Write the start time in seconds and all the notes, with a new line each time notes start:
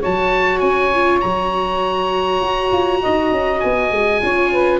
0.00 F#3 F#4 C#5 A5
0.59 C#4 G#5
0.94 F4
1.20 F#3 F#4 A#5
2.42 F#4
2.72 F4
3.02 D#4 D#5
3.31 C#4
3.60 B3 G#5
3.91 G#3
4.21 C#4 F4 C#5
4.51 B4